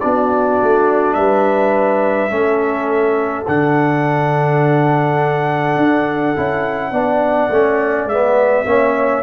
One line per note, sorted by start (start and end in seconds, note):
0.00 0.62 B3
0.00 2.30 D4
0.00 1.17 F#4
0.00 1.14 D5
0.62 1.16 A3
1.14 2.31 G3
1.14 2.33 B4
1.14 3.44 E5
2.30 3.46 A3
2.30 3.46 C#4
2.30 6.92 A4
3.48 5.76 D3
3.48 6.36 D4
3.48 8.09 F#5
5.76 6.34 D4
6.36 6.91 C#4
6.36 6.93 E4
6.91 7.49 B3
6.91 7.50 D4
6.91 8.65 D5
7.49 8.05 A3
7.49 8.10 C#4
8.05 8.63 G#3
8.05 8.65 B3
8.05 9.23 E5
8.65 9.23 A#3
8.65 9.23 C#4
8.65 9.23 C#5